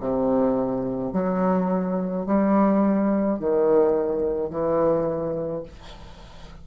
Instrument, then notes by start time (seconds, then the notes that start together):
bassoon
0.00 C3
1.13 F#3
2.26 G3
3.39 D#3
4.50 E3